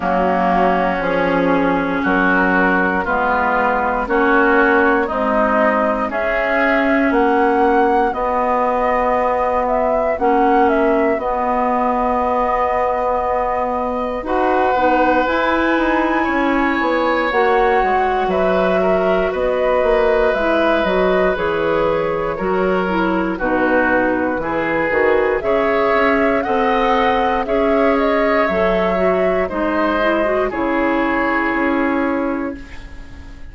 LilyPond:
<<
  \new Staff \with { instrumentName = "flute" } { \time 4/4 \tempo 4 = 59 fis'4 gis'4 ais'4 b'4 | cis''4 dis''4 e''4 fis''4 | dis''4. e''8 fis''8 e''8 dis''4~ | dis''2 fis''4 gis''4~ |
gis''4 fis''4 e''4 dis''4 | e''8 dis''8 cis''2 b'4~ | b'4 e''4 fis''4 e''8 dis''8 | e''4 dis''4 cis''2 | }
  \new Staff \with { instrumentName = "oboe" } { \time 4/4 cis'2 fis'4 f'4 | fis'4 dis'4 gis'4 fis'4~ | fis'1~ | fis'2 b'2 |
cis''2 b'8 ais'8 b'4~ | b'2 ais'4 fis'4 | gis'4 cis''4 dis''4 cis''4~ | cis''4 c''4 gis'2 | }
  \new Staff \with { instrumentName = "clarinet" } { \time 4/4 ais4 cis'2 b4 | cis'4 gis4 cis'2 | b2 cis'4 b4~ | b2 fis'8 dis'8 e'4~ |
e'4 fis'2. | e'8 fis'8 gis'4 fis'8 e'8 dis'4 | e'8 fis'8 gis'4 a'4 gis'4 | a'8 fis'8 dis'8 e'16 fis'16 e'2 | }
  \new Staff \with { instrumentName = "bassoon" } { \time 4/4 fis4 f4 fis4 gis4 | ais4 c'4 cis'4 ais4 | b2 ais4 b4~ | b2 dis'8 b8 e'8 dis'8 |
cis'8 b8 ais8 gis8 fis4 b8 ais8 | gis8 fis8 e4 fis4 b,4 | e8 dis8 cis8 cis'8 c'4 cis'4 | fis4 gis4 cis4 cis'4 | }
>>